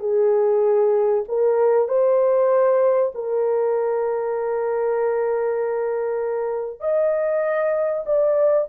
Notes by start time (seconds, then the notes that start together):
0.00 G#4
1.28 A#4
1.88 C5
3.15 A#4
6.80 D#5
8.06 D5